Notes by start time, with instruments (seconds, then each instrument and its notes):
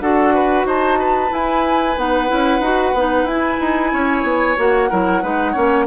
0.00 bassoon D4, clarinet F#4, oboe A4, flute F#5
0.34 oboe B4
0.65 bassoon D#4, oboe C5, flute A5
0.99 oboe B4
1.29 clarinet E4, bassoon E4, flute G#5
1.97 bassoon B3, clarinet D#4, flute F#5
2.28 bassoon C#4, clarinet E4
2.59 bassoon D#4, clarinet F#4
2.94 bassoon B3, clarinet D#4
3.23 bassoon E4, flute G#5
3.30 clarinet E4
3.60 bassoon D#4
3.93 bassoon C#4, oboe C#5
4.23 bassoon B3
4.57 bassoon A#3, clarinet F#4, flute F#5
4.90 bassoon F#3, clarinet E4, oboe A#4
5.22 bassoon G#3, clarinet D#4, oboe B4
5.52 bassoon A#3, clarinet C#4, oboe C#5